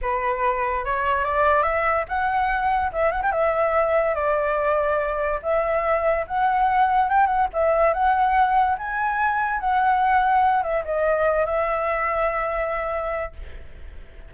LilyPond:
\new Staff \with { instrumentName = "flute" } { \time 4/4 \tempo 4 = 144 b'2 cis''4 d''4 | e''4 fis''2 e''8 fis''16 g''16 | e''2 d''2~ | d''4 e''2 fis''4~ |
fis''4 g''8 fis''8 e''4 fis''4~ | fis''4 gis''2 fis''4~ | fis''4. e''8 dis''4. e''8~ | e''1 | }